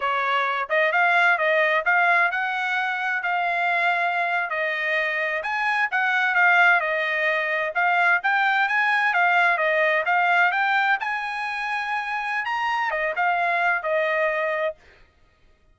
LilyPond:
\new Staff \with { instrumentName = "trumpet" } { \time 4/4 \tempo 4 = 130 cis''4. dis''8 f''4 dis''4 | f''4 fis''2 f''4~ | f''4.~ f''16 dis''2 gis''16~ | gis''8. fis''4 f''4 dis''4~ dis''16~ |
dis''8. f''4 g''4 gis''4 f''16~ | f''8. dis''4 f''4 g''4 gis''16~ | gis''2. ais''4 | dis''8 f''4. dis''2 | }